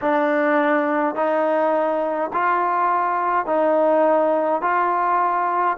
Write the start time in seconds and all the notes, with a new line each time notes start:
0.01 D4
1.15 D#4
2.33 F4
3.46 D#4
4.62 F4